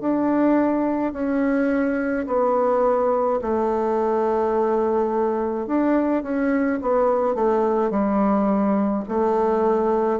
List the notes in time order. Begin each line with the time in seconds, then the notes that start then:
0.00 D4
1.13 C#4
2.26 B3
3.41 A3
5.67 D4
6.22 C#4
6.81 B3
7.34 A3
7.90 G3
9.08 A3